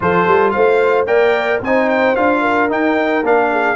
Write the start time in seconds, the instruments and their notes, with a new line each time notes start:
0.00 tuba F3, trombone F4, horn A4, trumpet C5
0.27 tuba G3
0.50 tuba A3, horn C5, trumpet F5
1.06 tuba A#3, trombone A#4, horn D5, trumpet G5
1.60 tuba C4, trombone D#4, horn C5, trumpet G#5
1.89 trumpet G5
2.15 tuba D4, trombone F4, trumpet F5
2.40 horn A#4
2.69 trombone D#4, tuba D#4, trumpet G5
3.23 tuba A#3, trombone D4, trumpet F5
3.51 horn G#4